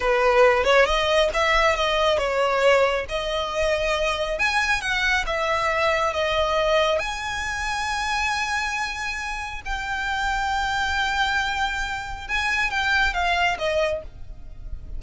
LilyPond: \new Staff \with { instrumentName = "violin" } { \time 4/4 \tempo 4 = 137 b'4. cis''8 dis''4 e''4 | dis''4 cis''2 dis''4~ | dis''2 gis''4 fis''4 | e''2 dis''2 |
gis''1~ | gis''2 g''2~ | g''1 | gis''4 g''4 f''4 dis''4 | }